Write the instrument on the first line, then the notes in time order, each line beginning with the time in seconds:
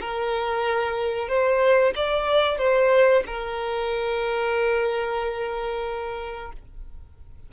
violin
0.00 A#4
1.28 C5
1.95 D5
2.58 C5
3.26 A#4